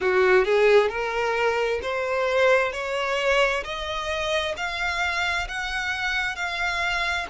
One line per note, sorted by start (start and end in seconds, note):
0.00 0.45 F#4
0.45 0.89 G#4
0.89 1.80 A#4
1.82 2.72 C5
2.72 3.63 C#5
3.64 4.55 D#5
4.57 5.48 F5
5.48 6.35 F#5
6.35 7.26 F5